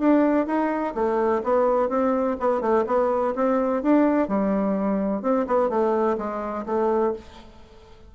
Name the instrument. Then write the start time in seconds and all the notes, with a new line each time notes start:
bassoon
0.00 D4
0.47 D#4
0.95 A3
1.44 B3
1.89 C4
2.40 B3
2.61 A3
2.87 B3
3.36 C4
3.83 D4
4.29 G3
5.23 C4
5.47 B3
5.70 A3
6.18 G#3
6.66 A3